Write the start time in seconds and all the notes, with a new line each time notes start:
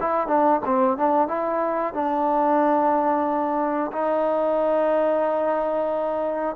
0.00 E4
0.27 D4
0.65 C4
0.97 D4
1.28 E4
1.93 D4
3.92 D#4